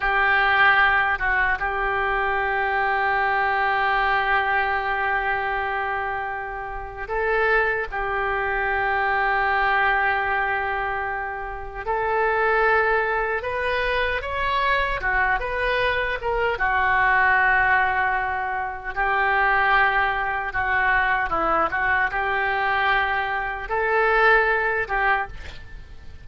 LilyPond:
\new Staff \with { instrumentName = "oboe" } { \time 4/4 \tempo 4 = 76 g'4. fis'8 g'2~ | g'1~ | g'4 a'4 g'2~ | g'2. a'4~ |
a'4 b'4 cis''4 fis'8 b'8~ | b'8 ais'8 fis'2. | g'2 fis'4 e'8 fis'8 | g'2 a'4. g'8 | }